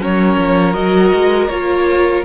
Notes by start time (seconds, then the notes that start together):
0.00 F#3 C#4 A#4 C#5
0.38 F3
0.74 F#3 F#4 D#5
1.14 G#3
1.49 A#3 F4 C#5